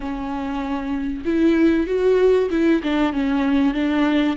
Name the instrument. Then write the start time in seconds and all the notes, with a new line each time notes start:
viola
0.00 C#4
1.24 E4
1.86 F#4
2.50 E4
2.83 D4
3.12 C#4
3.74 D4